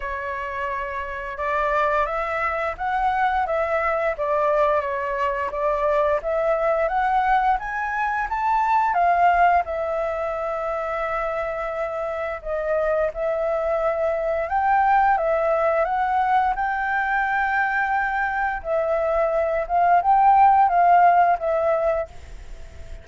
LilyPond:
\new Staff \with { instrumentName = "flute" } { \time 4/4 \tempo 4 = 87 cis''2 d''4 e''4 | fis''4 e''4 d''4 cis''4 | d''4 e''4 fis''4 gis''4 | a''4 f''4 e''2~ |
e''2 dis''4 e''4~ | e''4 g''4 e''4 fis''4 | g''2. e''4~ | e''8 f''8 g''4 f''4 e''4 | }